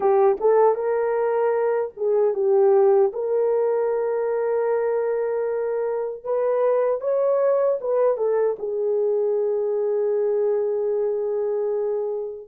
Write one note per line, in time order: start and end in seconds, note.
0.00 0.36 G4
0.40 0.74 A4
0.74 1.91 A#4
1.97 2.34 G#4
2.34 3.12 G4
3.12 6.24 A#4
6.24 7.00 B4
7.00 7.78 C#5
7.80 8.17 B4
8.17 8.56 A4
8.58 12.47 G#4